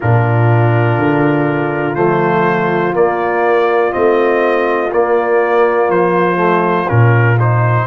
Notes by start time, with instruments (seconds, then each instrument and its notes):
0.00 tuba A#2, trombone D4, horn F4, trumpet A#4
0.98 tuba D3
1.94 tuba F3, trombone A3, trumpet C5
2.93 trombone A#3, tuba A#3, trumpet D5
3.91 tuba A3, trombone C4, trumpet D#5
4.91 trombone A#3, tuba A#3, trumpet D5
5.89 tuba F3, trumpet C5
6.36 trombone A3
6.88 tuba A#2, trombone C#4, trumpet A#4
7.39 trombone D#4, trumpet C5